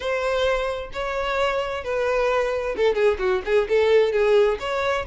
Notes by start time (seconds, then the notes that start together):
0.00 C5
0.93 C#5
1.83 B4
2.76 A4
2.94 G#4
3.19 F#4
3.45 G#4
3.68 A4
4.12 G#4
4.59 C#5